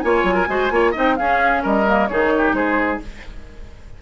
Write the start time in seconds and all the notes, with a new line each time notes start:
0.00 A#3 F4 C#5 G#5
0.23 F#3
0.34 A#4
0.47 G#3 F#4 C5
0.71 A#3 F4 C#5
0.91 D#4 D#5
0.97 C4 G5
1.16 C#4 G#4 F5
1.62 G3 A#4 D#5
1.86 A#3
2.07 D#3 D#4 G#4 C#5
2.37 G4
2.53 G#3 G#4 C5